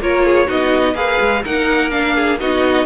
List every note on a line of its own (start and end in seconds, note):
0.00 0.48 A#3
0.00 0.47 F4
0.00 0.25 A#4
0.00 0.50 C#5
0.25 0.46 G#4
0.46 0.94 B3
0.46 0.94 D#4
0.46 0.94 F#4
0.46 0.95 D#5
0.94 1.18 A#3
0.94 1.42 G#4
0.94 1.43 B4
0.94 1.43 F5
1.20 1.44 G#3
1.43 2.40 A#3
1.43 1.90 D#4
1.43 2.14 A#4
1.43 1.90 F#5
1.90 2.38 D4
1.90 2.38 F5
2.15 2.39 G#4
2.40 2.85 B3
2.40 2.85 D#4
2.40 2.85 F#4
2.40 2.85 D#5